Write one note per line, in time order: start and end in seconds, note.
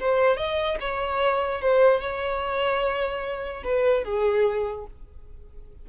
0.00 0.37 C5
0.37 0.78 D#5
0.81 1.62 C#5
1.62 2.01 C5
2.01 3.64 C#5
3.64 4.04 B4
4.04 4.86 G#4